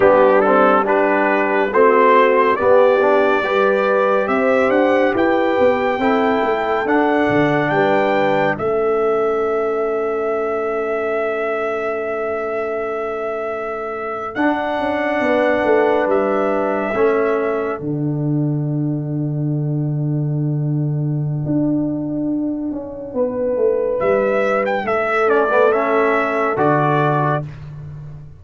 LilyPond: <<
  \new Staff \with { instrumentName = "trumpet" } { \time 4/4 \tempo 4 = 70 g'8 a'8 b'4 c''4 d''4~ | d''4 e''8 fis''8 g''2 | fis''4 g''4 e''2~ | e''1~ |
e''8. fis''2 e''4~ e''16~ | e''8. fis''2.~ fis''16~ | fis''1 | e''8. g''16 e''8 d''8 e''4 d''4 | }
  \new Staff \with { instrumentName = "horn" } { \time 4/4 d'4 g'4 fis'4 g'4 | b'4 c''4 b'4 a'4~ | a'4 b'4 a'2~ | a'1~ |
a'4.~ a'16 b'2 a'16~ | a'1~ | a'2. b'4~ | b'4 a'2. | }
  \new Staff \with { instrumentName = "trombone" } { \time 4/4 b8 c'8 d'4 c'4 b8 d'8 | g'2. e'4 | d'2 cis'2~ | cis'1~ |
cis'8. d'2. cis'16~ | cis'8. d'2.~ d'16~ | d'1~ | d'4. cis'16 b16 cis'4 fis'4 | }
  \new Staff \with { instrumentName = "tuba" } { \time 4/4 g2 a4 b4 | g4 c'8 d'8 e'8 b8 c'8 a8 | d'8 d8 g4 a2~ | a1~ |
a8. d'8 cis'8 b8 a8 g4 a16~ | a8. d2.~ d16~ | d4 d'4. cis'8 b8 a8 | g4 a2 d4 | }
>>